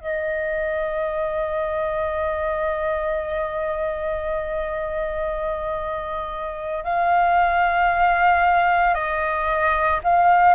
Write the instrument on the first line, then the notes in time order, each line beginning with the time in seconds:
flute
0.00 D#5
6.84 F5
8.94 D#5
10.03 F5